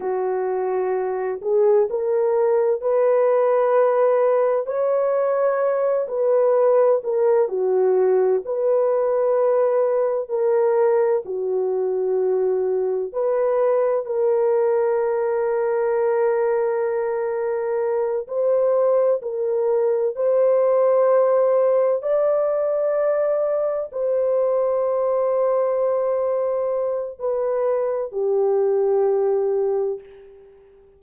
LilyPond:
\new Staff \with { instrumentName = "horn" } { \time 4/4 \tempo 4 = 64 fis'4. gis'8 ais'4 b'4~ | b'4 cis''4. b'4 ais'8 | fis'4 b'2 ais'4 | fis'2 b'4 ais'4~ |
ais'2.~ ais'8 c''8~ | c''8 ais'4 c''2 d''8~ | d''4. c''2~ c''8~ | c''4 b'4 g'2 | }